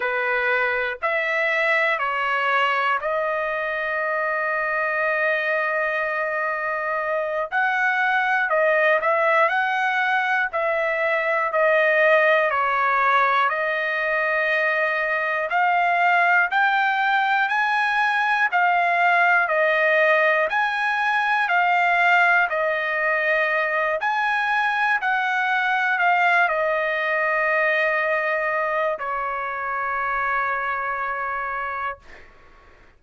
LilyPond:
\new Staff \with { instrumentName = "trumpet" } { \time 4/4 \tempo 4 = 60 b'4 e''4 cis''4 dis''4~ | dis''2.~ dis''8 fis''8~ | fis''8 dis''8 e''8 fis''4 e''4 dis''8~ | dis''8 cis''4 dis''2 f''8~ |
f''8 g''4 gis''4 f''4 dis''8~ | dis''8 gis''4 f''4 dis''4. | gis''4 fis''4 f''8 dis''4.~ | dis''4 cis''2. | }